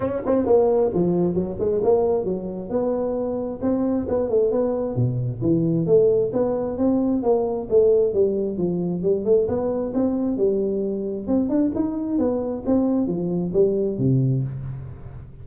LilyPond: \new Staff \with { instrumentName = "tuba" } { \time 4/4 \tempo 4 = 133 cis'8 c'8 ais4 f4 fis8 gis8 | ais4 fis4 b2 | c'4 b8 a8 b4 b,4 | e4 a4 b4 c'4 |
ais4 a4 g4 f4 | g8 a8 b4 c'4 g4~ | g4 c'8 d'8 dis'4 b4 | c'4 f4 g4 c4 | }